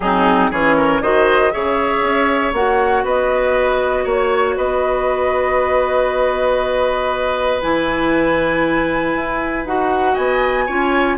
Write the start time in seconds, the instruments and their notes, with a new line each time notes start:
0.00 bassoon F#3, clarinet C4, oboe D#4, flute G#4
0.50 bassoon E3, clarinet C#4, oboe G#4, flute C#5
0.76 oboe A#4
1.01 bassoon D#3, clarinet F#4, oboe C5, flute D#5
1.51 bassoon C#3, clarinet G#4, oboe C#5, flute E5
2.02 bassoon C#4
2.52 bassoon A#3, clarinet F#4, flute F#5
3.04 bassoon B3, oboe B4, flute D#5
4.03 bassoon A#3, oboe C#5
4.11 flute C#5
4.56 bassoon B3, oboe B4, flute D#5
7.61 bassoon E3, clarinet E4, flute G#5
9.14 bassoon E4
9.65 bassoon D#4, clarinet F#4, flute F#5
10.13 bassoon B3, oboe D#5, flute G#5
10.66 bassoon C#4, clarinet F4, oboe C#5